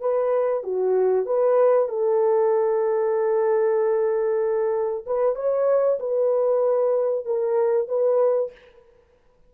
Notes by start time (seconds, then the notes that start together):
0.00 B4
0.63 F#4
1.25 B4
1.88 A4
5.06 B4
5.35 C#5
5.99 B4
7.25 A#4
7.88 B4